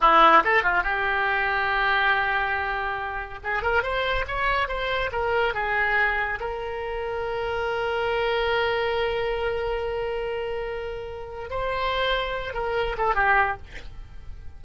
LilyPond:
\new Staff \with { instrumentName = "oboe" } { \time 4/4 \tempo 4 = 141 e'4 a'8 f'8 g'2~ | g'1 | gis'8 ais'8 c''4 cis''4 c''4 | ais'4 gis'2 ais'4~ |
ais'1~ | ais'1~ | ais'2. c''4~ | c''4. ais'4 a'8 g'4 | }